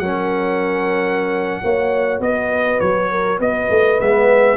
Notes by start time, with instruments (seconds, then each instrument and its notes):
0.00 tuba F#3, trombone C#4, horn A#4, trumpet F#5
1.63 tuba A#3, trombone F#4, horn C#5
2.20 tuba B3, horn B4, trumpet D#5
2.80 tuba F#3, trumpet C#5
3.12 horn A#4
3.39 tuba B3, horn B4, trumpet D#5
3.70 tuba A3
3.99 tuba G#3, trombone B3, trumpet E5